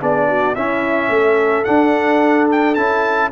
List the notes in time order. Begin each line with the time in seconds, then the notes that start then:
0.00 B3 D4 G#4 D5
0.28 F#4
0.55 C#4 E4 E5
1.09 A3 A4
1.64 D4 F#5
2.51 G5
2.75 C#4 E4 A5